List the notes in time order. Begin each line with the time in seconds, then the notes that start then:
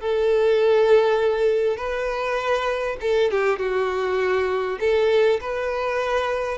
0.00 A4
1.76 B4
3.00 A4
3.31 G4
3.58 F#4
4.80 A4
5.40 B4